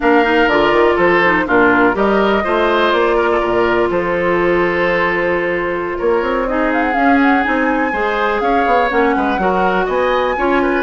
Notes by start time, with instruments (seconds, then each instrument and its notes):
0.00 bassoon A#3, clarinet D4, oboe A#4, flute F5
0.24 clarinet D#4
0.47 bassoon D3, clarinet F4, flute D5
0.71 bassoon D#3
0.95 bassoon F3, oboe A4, flute C5
1.24 clarinet D#4
1.46 bassoon A#2, clarinet D4, oboe F4, flute A#4
1.93 bassoon G3, clarinet G4, oboe A#4, flute D#5
2.44 bassoon A3, clarinet F4, oboe C5
2.91 bassoon A#3, flute D5
3.16 oboe A#4
3.31 oboe A4
3.39 bassoon A#2, oboe A#4
3.90 bassoon F3, oboe A4, flute C5
5.98 bassoon A#3, oboe A#4, flute C#5
6.21 bassoon C4
6.47 clarinet D#4, oboe G#4, flute D#5
6.73 flute F5
6.82 flute F#5
6.92 clarinet C#4, bassoon C#4, flute F5
7.22 flute F#5
7.42 bassoon C4, clarinet D#4, flute G#5
7.92 bassoon G#3, clarinet G#4, oboe C5
8.40 bassoon C#4, oboe C#5, flute F5
8.66 bassoon B3
8.89 bassoon A#3, clarinet C#4, flute F#5
9.16 bassoon G#3, oboe B4
9.38 bassoon F#3, clarinet F#4, oboe A#4
9.85 bassoon B3, oboe D#5, flute G#5
10.36 bassoon C#4, clarinet F4, oboe C#5
10.62 oboe B4